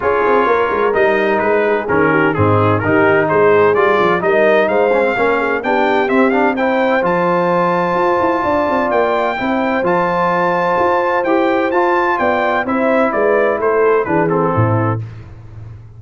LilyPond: <<
  \new Staff \with { instrumentName = "trumpet" } { \time 4/4 \tempo 4 = 128 cis''2 dis''4 b'4 | ais'4 gis'4 ais'4 c''4 | d''4 dis''4 f''2 | g''4 e''8 f''8 g''4 a''4~ |
a''2. g''4~ | g''4 a''2. | g''4 a''4 g''4 e''4 | d''4 c''4 b'8 a'4. | }
  \new Staff \with { instrumentName = "horn" } { \time 4/4 gis'4 ais'2~ ais'8 gis'8~ | gis'8 g'8 dis'4 g'4 gis'4~ | gis'4 ais'4 c''4 ais'8 gis'8 | g'2 c''2~ |
c''2 d''2 | c''1~ | c''2 d''4 c''4 | b'4 a'4 gis'4 e'4 | }
  \new Staff \with { instrumentName = "trombone" } { \time 4/4 f'2 dis'2 | cis'4 c'4 dis'2 | f'4 dis'4. cis'16 c'16 cis'4 | d'4 c'8 d'8 e'4 f'4~ |
f'1 | e'4 f'2. | g'4 f'2 e'4~ | e'2 d'8 c'4. | }
  \new Staff \with { instrumentName = "tuba" } { \time 4/4 cis'8 c'8 ais8 gis8 g4 gis4 | dis4 gis,4 dis4 gis4 | g8 f8 g4 gis4 ais4 | b4 c'2 f4~ |
f4 f'8 e'8 d'8 c'8 ais4 | c'4 f2 f'4 | e'4 f'4 b4 c'4 | gis4 a4 e4 a,4 | }
>>